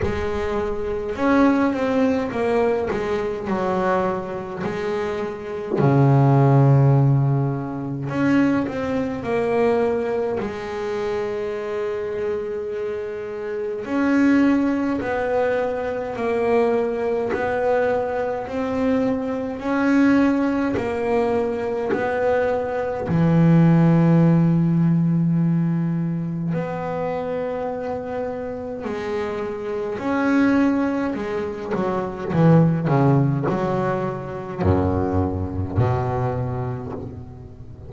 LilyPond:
\new Staff \with { instrumentName = "double bass" } { \time 4/4 \tempo 4 = 52 gis4 cis'8 c'8 ais8 gis8 fis4 | gis4 cis2 cis'8 c'8 | ais4 gis2. | cis'4 b4 ais4 b4 |
c'4 cis'4 ais4 b4 | e2. b4~ | b4 gis4 cis'4 gis8 fis8 | e8 cis8 fis4 fis,4 b,4 | }